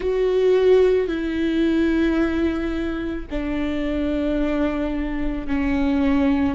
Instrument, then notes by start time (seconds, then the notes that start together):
viola
0.00 F#4
1.08 E4
3.30 D4
5.47 C#4